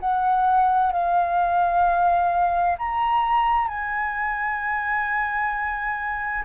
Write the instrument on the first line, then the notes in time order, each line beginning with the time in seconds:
flute
0.00 F#5
0.92 F5
2.78 A#5
3.68 G#5